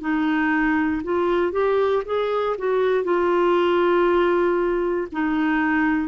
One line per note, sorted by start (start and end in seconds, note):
0.00 1.02 D#4
1.03 1.52 F4
1.52 2.02 G4
2.05 2.56 G#4
2.57 3.04 F#4
3.04 5.07 F4
5.11 6.08 D#4